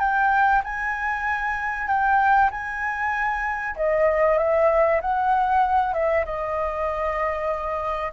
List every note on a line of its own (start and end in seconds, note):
0.00 0.62 G5
0.64 1.88 G#5
1.88 2.51 G5
2.51 3.76 G#5
3.77 4.39 D#5
4.39 5.01 E5
5.02 5.94 F#5
5.94 6.25 E5
6.26 8.13 D#5